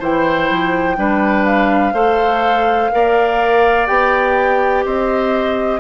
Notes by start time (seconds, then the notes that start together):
0.00 E3 E4 C5 G5
0.50 F3
0.97 G3 D4 B4
1.45 F5
1.93 A3 A4 C5
2.91 A#3 A#4 D5
3.86 B3 G4 G5
4.85 C4 C5 D#5